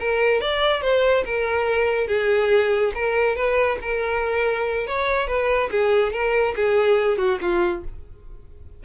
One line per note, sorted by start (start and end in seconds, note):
0.00 0.41 A#4
0.41 0.82 D5
0.82 1.24 C5
1.26 2.08 A#4
2.08 2.92 G#4
2.95 3.36 A#4
3.36 3.78 B4
3.82 4.87 A#4
4.87 5.28 C#5
5.28 5.70 B4
5.71 6.13 G#4
6.13 6.55 A#4
6.56 7.18 G#4
7.18 7.39 F#4
7.42 7.84 F4